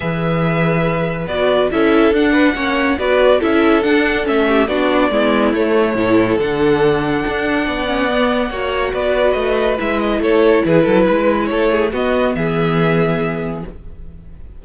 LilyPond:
<<
  \new Staff \with { instrumentName = "violin" } { \time 4/4 \tempo 4 = 141 e''2. d''4 | e''4 fis''2 d''4 | e''4 fis''4 e''4 d''4~ | d''4 cis''2 fis''4~ |
fis''1~ | fis''4 d''4 dis''4 e''8 dis''8 | cis''4 b'2 cis''4 | dis''4 e''2. | }
  \new Staff \with { instrumentName = "violin" } { \time 4/4 b'1 | a'4. b'8 cis''4 b'4 | a'2~ a'8 g'8 fis'4 | e'2 a'2~ |
a'2 d''2 | cis''4 b'2. | a'4 gis'8 a'8 b'4 a'8 gis'8 | fis'4 gis'2. | }
  \new Staff \with { instrumentName = "viola" } { \time 4/4 gis'2. fis'4 | e'4 d'4 cis'4 fis'4 | e'4 d'4 cis'4 d'4 | b4 a4 e'4 d'4~ |
d'2~ d'8 cis'8 b4 | fis'2. e'4~ | e'1 | b1 | }
  \new Staff \with { instrumentName = "cello" } { \time 4/4 e2. b4 | cis'4 d'4 ais4 b4 | cis'4 d'4 a4 b4 | gis4 a4 a,4 d4~ |
d4 d'4 b2 | ais4 b4 a4 gis4 | a4 e8 fis8 gis4 a4 | b4 e2. | }
>>